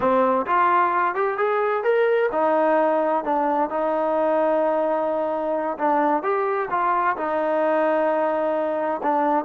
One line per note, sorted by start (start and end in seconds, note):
0.00 0.46 C4
0.46 1.14 F4
1.14 1.37 G4
1.37 1.83 G#4
1.83 2.29 A#4
2.32 3.24 D#4
3.24 3.69 D4
3.69 5.77 D#4
5.78 6.22 D4
6.22 6.68 G4
6.70 7.16 F4
7.16 9.01 D#4
9.02 9.44 D4